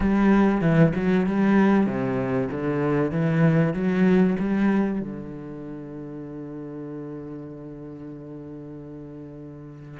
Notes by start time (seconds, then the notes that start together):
0.00 G3
0.61 E3
0.95 F#3
1.26 G3
1.86 C3
2.50 D3
3.11 E3
3.73 F#3
4.39 G3
5.00 D3